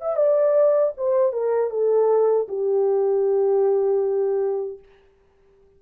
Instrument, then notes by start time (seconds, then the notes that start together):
horn
0.00 E5
0.16 D5
0.97 C5
1.32 A#4
1.70 A4
2.48 G4